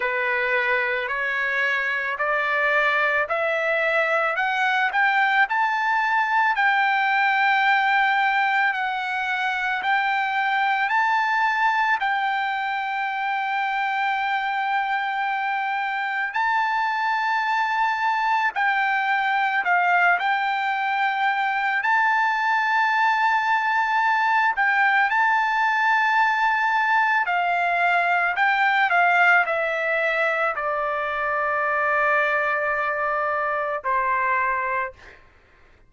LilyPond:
\new Staff \with { instrumentName = "trumpet" } { \time 4/4 \tempo 4 = 55 b'4 cis''4 d''4 e''4 | fis''8 g''8 a''4 g''2 | fis''4 g''4 a''4 g''4~ | g''2. a''4~ |
a''4 g''4 f''8 g''4. | a''2~ a''8 g''8 a''4~ | a''4 f''4 g''8 f''8 e''4 | d''2. c''4 | }